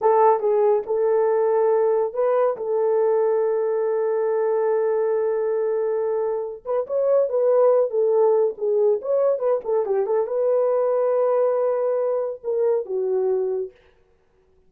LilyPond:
\new Staff \with { instrumentName = "horn" } { \time 4/4 \tempo 4 = 140 a'4 gis'4 a'2~ | a'4 b'4 a'2~ | a'1~ | a'2.~ a'8 b'8 |
cis''4 b'4. a'4. | gis'4 cis''4 b'8 a'8 g'8 a'8 | b'1~ | b'4 ais'4 fis'2 | }